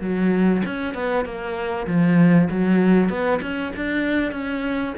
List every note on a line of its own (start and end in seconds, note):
0.00 0.62 F#3
0.65 0.94 C#4
0.94 1.25 B3
1.25 1.86 A#3
1.86 2.48 F3
2.50 3.09 F#3
3.09 3.40 B3
3.41 3.72 C#4
3.76 4.31 D4
4.31 4.93 C#4